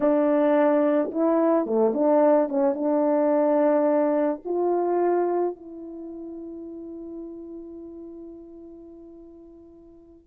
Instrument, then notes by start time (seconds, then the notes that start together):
horn
0.00 D4
1.11 E4
1.66 A3
1.93 D4
2.48 C#4
2.74 D4
4.44 F4
5.55 E4